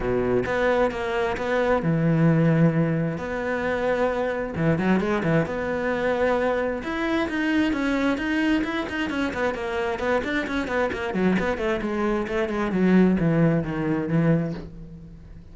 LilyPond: \new Staff \with { instrumentName = "cello" } { \time 4/4 \tempo 4 = 132 b,4 b4 ais4 b4 | e2. b4~ | b2 e8 fis8 gis8 e8 | b2. e'4 |
dis'4 cis'4 dis'4 e'8 dis'8 | cis'8 b8 ais4 b8 d'8 cis'8 b8 | ais8 fis8 b8 a8 gis4 a8 gis8 | fis4 e4 dis4 e4 | }